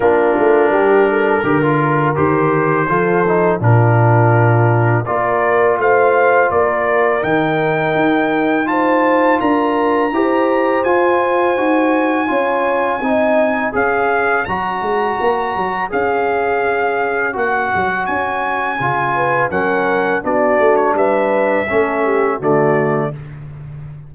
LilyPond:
<<
  \new Staff \with { instrumentName = "trumpet" } { \time 4/4 \tempo 4 = 83 ais'2. c''4~ | c''4 ais'2 d''4 | f''4 d''4 g''2 | a''4 ais''2 gis''4~ |
gis''2. f''4 | ais''2 f''2 | fis''4 gis''2 fis''4 | d''8. cis''16 e''2 d''4 | }
  \new Staff \with { instrumentName = "horn" } { \time 4/4 f'4 g'8 a'8 ais'2 | a'4 f'2 ais'4 | c''4 ais'2. | c''4 ais'4 c''2~ |
c''4 cis''4 dis''4 cis''4~ | cis''1~ | cis''2~ cis''8 b'8 ais'4 | fis'4 b'4 a'8 g'8 fis'4 | }
  \new Staff \with { instrumentName = "trombone" } { \time 4/4 d'2 g'16 f'8. g'4 | f'8 dis'8 d'2 f'4~ | f'2 dis'2 | f'2 g'4 f'4 |
fis'4 f'4 dis'4 gis'4 | fis'2 gis'2 | fis'2 f'4 cis'4 | d'2 cis'4 a4 | }
  \new Staff \with { instrumentName = "tuba" } { \time 4/4 ais8 a8 g4 d4 dis4 | f4 ais,2 ais4 | a4 ais4 dis4 dis'4~ | dis'4 d'4 e'4 f'4 |
dis'4 cis'4 c'4 cis'4 | fis8 gis8 ais8 fis8 cis'2 | ais8 fis8 cis'4 cis4 fis4 | b8 a8 g4 a4 d4 | }
>>